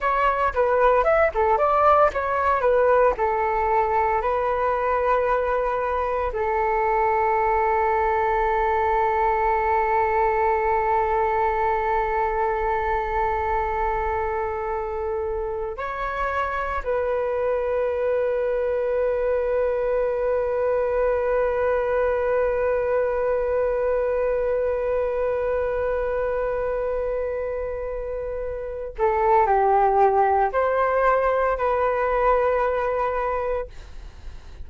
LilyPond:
\new Staff \with { instrumentName = "flute" } { \time 4/4 \tempo 4 = 57 cis''8 b'8 e''16 a'16 d''8 cis''8 b'8 a'4 | b'2 a'2~ | a'1~ | a'2. cis''4 |
b'1~ | b'1~ | b'2.~ b'8 a'8 | g'4 c''4 b'2 | }